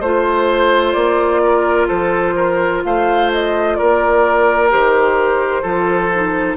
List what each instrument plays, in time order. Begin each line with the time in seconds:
0.00 bassoon A3, clarinet F4, oboe C5, flute C5
0.92 bassoon A#3, flute D5
1.43 oboe A#4
1.87 bassoon F3, oboe A4, flute C5
2.35 oboe A#4
2.84 bassoon A3, oboe C5, flute F5
3.33 flute D#5
3.75 bassoon A#3, oboe A#4, flute D5
4.69 bassoon D#3, clarinet G4, flute C5
5.62 bassoon F3, clarinet F4, oboe A4
6.14 clarinet D#4